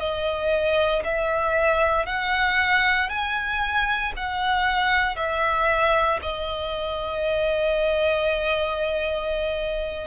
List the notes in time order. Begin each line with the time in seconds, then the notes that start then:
0.00 D#5
1.04 E5
2.06 F#5
3.09 G#5
4.17 F#5
5.16 E5
6.23 D#5